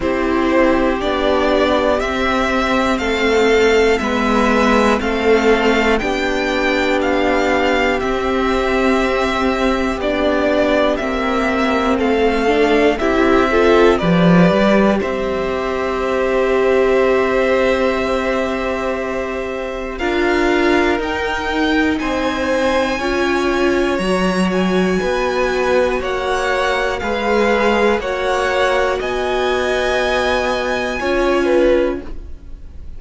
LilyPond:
<<
  \new Staff \with { instrumentName = "violin" } { \time 4/4 \tempo 4 = 60 c''4 d''4 e''4 f''4 | e''4 f''4 g''4 f''4 | e''2 d''4 e''4 | f''4 e''4 d''4 e''4~ |
e''1 | f''4 g''4 gis''2 | ais''8 gis''4. fis''4 f''4 | fis''4 gis''2. | }
  \new Staff \with { instrumentName = "violin" } { \time 4/4 g'2. a'4 | b'4 a'4 g'2~ | g'1 | a'4 g'8 a'8 b'4 c''4~ |
c''1 | ais'2 c''4 cis''4~ | cis''4 b'4 cis''4 b'4 | cis''4 dis''2 cis''8 b'8 | }
  \new Staff \with { instrumentName = "viola" } { \time 4/4 e'4 d'4 c'2 | b4 c'4 d'2 | c'2 d'4 c'4~ | c'8 d'8 e'8 f'8 g'2~ |
g'1 | f'4 dis'2 f'4 | fis'2. gis'4 | fis'2. f'4 | }
  \new Staff \with { instrumentName = "cello" } { \time 4/4 c'4 b4 c'4 a4 | gis4 a4 b2 | c'2 b4 ais4 | a4 c'4 f8 g8 c'4~ |
c'1 | d'4 dis'4 c'4 cis'4 | fis4 b4 ais4 gis4 | ais4 b2 cis'4 | }
>>